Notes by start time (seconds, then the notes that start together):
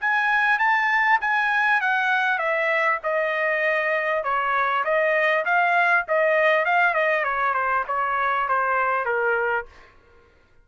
0.00 G#5
0.59 A5
1.21 G#5
1.80 F#5
2.38 E5
3.03 D#5
4.23 C#5
4.84 D#5
5.45 F5
6.08 D#5
6.65 F5
6.93 D#5
7.24 C#5
7.54 C5
7.87 C#5
8.48 C5
9.05 A#4